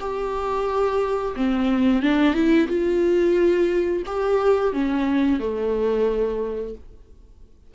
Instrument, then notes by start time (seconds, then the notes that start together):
viola
0.00 G4
1.36 C4
2.03 D4
2.34 E4
2.68 F4
4.06 G4
4.73 C#4
5.40 A3